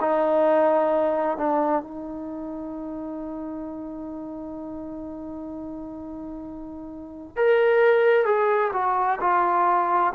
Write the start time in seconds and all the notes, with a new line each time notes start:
0.00 D#4
1.37 D4
1.82 D#4
7.36 A#4
8.25 G#4
8.73 F#4
9.20 F4